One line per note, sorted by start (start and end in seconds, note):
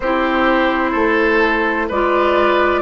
0.00 0.94 C4
0.00 1.92 E4
0.00 0.91 G4
0.00 1.89 C5
0.91 1.90 A3
0.91 1.86 A4
1.88 2.81 G#3
1.88 2.81 F4
1.88 2.81 B4
1.88 2.81 D5